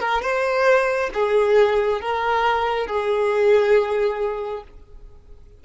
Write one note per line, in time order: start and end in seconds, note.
0.00 0.22 A#4
0.22 1.10 C5
1.14 2.01 G#4
2.01 2.87 A#4
2.87 4.64 G#4